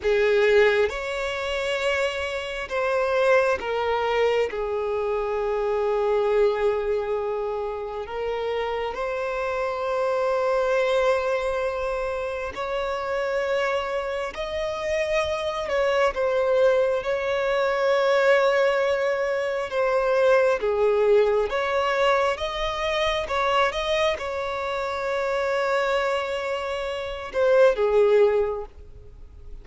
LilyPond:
\new Staff \with { instrumentName = "violin" } { \time 4/4 \tempo 4 = 67 gis'4 cis''2 c''4 | ais'4 gis'2.~ | gis'4 ais'4 c''2~ | c''2 cis''2 |
dis''4. cis''8 c''4 cis''4~ | cis''2 c''4 gis'4 | cis''4 dis''4 cis''8 dis''8 cis''4~ | cis''2~ cis''8 c''8 gis'4 | }